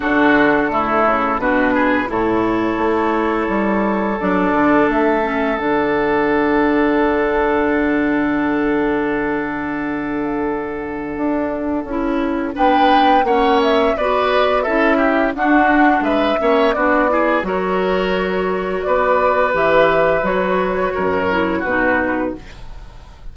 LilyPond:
<<
  \new Staff \with { instrumentName = "flute" } { \time 4/4 \tempo 4 = 86 a'2 b'4 cis''4~ | cis''2 d''4 e''4 | fis''1~ | fis''1~ |
fis''2 g''4 fis''8 e''8 | d''4 e''4 fis''4 e''4 | d''4 cis''2 d''4 | e''4 cis''2 b'4 | }
  \new Staff \with { instrumentName = "oboe" } { \time 4/4 fis'4 e'4 fis'8 gis'8 a'4~ | a'1~ | a'1~ | a'1~ |
a'2 b'4 cis''4 | b'4 a'8 g'8 fis'4 b'8 cis''8 | fis'8 gis'8 ais'2 b'4~ | b'2 ais'4 fis'4 | }
  \new Staff \with { instrumentName = "clarinet" } { \time 4/4 d'4 a4 d'4 e'4~ | e'2 d'4. cis'8 | d'1~ | d'1~ |
d'4 e'4 d'4 cis'4 | fis'4 e'4 d'4. cis'8 | d'8 e'8 fis'2. | g'4 fis'4. e'8 dis'4 | }
  \new Staff \with { instrumentName = "bassoon" } { \time 4/4 d4. cis8 b,4 a,4 | a4 g4 fis8 d8 a4 | d1~ | d1 |
d'4 cis'4 b4 ais4 | b4 cis'4 d'4 gis8 ais8 | b4 fis2 b4 | e4 fis4 fis,4 b,4 | }
>>